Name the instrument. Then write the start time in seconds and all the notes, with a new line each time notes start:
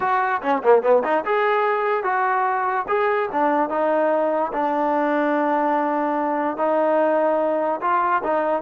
trombone
0.00 F#4
0.41 C#4
0.63 A#3
0.82 B3
1.04 D#4
1.25 G#4
2.03 F#4
2.88 G#4
3.32 D4
3.69 D#4
4.52 D4
6.57 D#4
7.81 F4
8.23 D#4